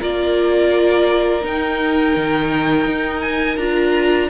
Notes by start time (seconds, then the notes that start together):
0.00 A#3 F4 A#4 D5
1.42 D#4 G5
2.16 D#3
2.86 D#4
3.22 G#5
3.57 D4 F4 A#5